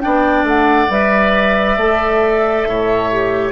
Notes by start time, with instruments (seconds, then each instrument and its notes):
0.00 bassoon B3, clarinet D4, oboe D5, flute G5
0.42 bassoon A3, flute F#5
0.89 bassoon G3, clarinet B4, flute E5
1.76 bassoon A3, clarinet A4
2.67 bassoon A2, oboe C#5
3.11 clarinet G4